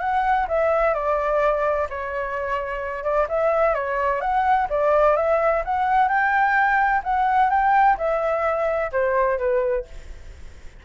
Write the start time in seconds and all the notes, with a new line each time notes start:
0.00 F#5
0.48 E5
0.94 D5
1.90 C#5
3.04 D5
3.29 E5
3.75 C#5
4.21 F#5
4.70 D5
5.16 E5
5.65 F#5
6.09 G5
7.04 F#5
7.50 G5
7.98 E5
8.92 C5
9.39 B4